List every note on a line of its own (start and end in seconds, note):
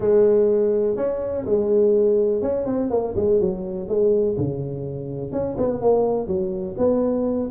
0.00 0.96 G#3
0.96 1.45 C#4
1.45 2.41 G#3
2.41 2.66 C#4
2.66 2.90 C4
2.90 3.14 A#3
3.16 3.40 G#3
3.40 3.88 F#3
3.88 4.36 G#3
4.37 5.32 C#3
5.32 5.56 C#4
5.57 5.81 B3
5.81 6.27 A#3
6.27 6.75 F#3
6.77 7.50 B3